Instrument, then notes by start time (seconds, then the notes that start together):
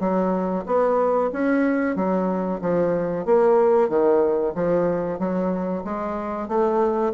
bassoon
0.00 F#3
0.66 B3
1.33 C#4
1.96 F#3
2.61 F3
3.26 A#3
3.89 D#3
4.55 F3
5.19 F#3
5.84 G#3
6.48 A3